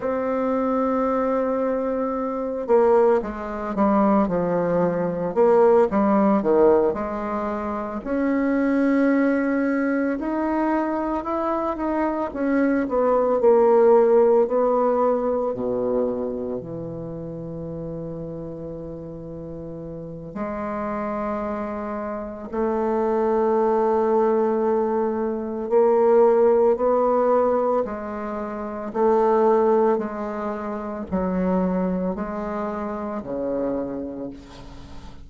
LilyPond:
\new Staff \with { instrumentName = "bassoon" } { \time 4/4 \tempo 4 = 56 c'2~ c'8 ais8 gis8 g8 | f4 ais8 g8 dis8 gis4 cis'8~ | cis'4. dis'4 e'8 dis'8 cis'8 | b8 ais4 b4 b,4 e8~ |
e2. gis4~ | gis4 a2. | ais4 b4 gis4 a4 | gis4 fis4 gis4 cis4 | }